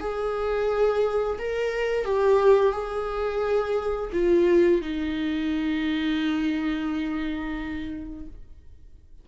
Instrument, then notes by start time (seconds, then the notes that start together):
viola
0.00 G#4
1.38 A#4
2.05 G4
2.72 G#4
4.12 F4
4.81 D#4